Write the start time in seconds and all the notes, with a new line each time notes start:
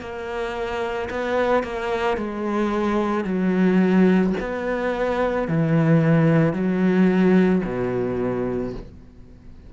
0.00 A#3
1.10 B3
1.63 A#3
2.17 G#3
3.24 F#3
4.40 B3
5.48 E3
6.53 F#3
7.64 B2